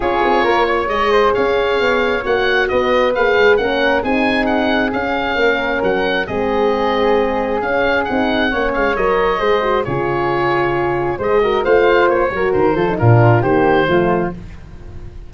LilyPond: <<
  \new Staff \with { instrumentName = "oboe" } { \time 4/4 \tempo 4 = 134 cis''2 dis''4 f''4~ | f''4 fis''4 dis''4 f''4 | fis''4 gis''4 fis''4 f''4~ | f''4 fis''4 dis''2~ |
dis''4 f''4 fis''4. f''8 | dis''2 cis''2~ | cis''4 dis''4 f''4 cis''4 | c''4 ais'4 c''2 | }
  \new Staff \with { instrumentName = "flute" } { \time 4/4 gis'4 ais'8 cis''4 c''8 cis''4~ | cis''2 b'2 | ais'4 gis'2. | ais'2 gis'2~ |
gis'2. cis''4~ | cis''4 c''4 gis'2~ | gis'4 c''8 ais'8 c''4. ais'8~ | ais'8 a'8 f'4 g'4 f'4 | }
  \new Staff \with { instrumentName = "horn" } { \time 4/4 f'2 gis'2~ | gis'4 fis'2 gis'4 | cis'4 dis'2 cis'4~ | cis'2 c'2~ |
c'4 cis'4 dis'4 cis'4 | ais'4 gis'8 fis'8 f'2~ | f'4 gis'8 fis'8 f'4. fis'8~ | fis'8 f'16 dis'16 d'4 ais4 a4 | }
  \new Staff \with { instrumentName = "tuba" } { \time 4/4 cis'8 c'8 ais4 gis4 cis'4 | b4 ais4 b4 ais8 gis8 | ais4 c'2 cis'4 | ais4 fis4 gis2~ |
gis4 cis'4 c'4 ais8 gis8 | fis4 gis4 cis2~ | cis4 gis4 a4 ais8 fis8 | dis8 f8 ais,4 dis4 f4 | }
>>